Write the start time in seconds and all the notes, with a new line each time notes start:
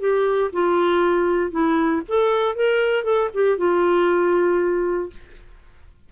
0.00 G4
0.53 F4
1.51 E4
2.08 A4
2.55 A#4
3.04 A4
3.34 G4
3.58 F4